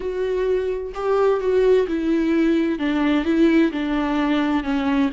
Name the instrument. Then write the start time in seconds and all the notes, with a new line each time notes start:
viola
0.00 F#4
0.94 G4
1.40 F#4
1.87 E4
2.78 D4
3.25 E4
3.71 D4
4.63 C#4